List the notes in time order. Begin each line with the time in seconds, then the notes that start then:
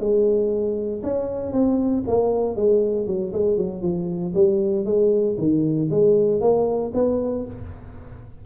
0.00 G#3
1.03 C#4
1.53 C4
2.08 A#3
2.56 G#3
3.07 F#3
3.33 G#3
3.58 F#3
3.83 F3
4.35 G3
4.86 G#3
5.38 D#3
5.91 G#3
6.41 A#3
6.94 B3